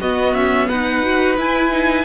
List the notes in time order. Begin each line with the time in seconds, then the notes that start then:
0.00 B3 F#4 D#5
0.34 C#4 E5
0.68 D#4 B4 F#5
1.02 F#4
1.37 E4 G#5
1.71 D#4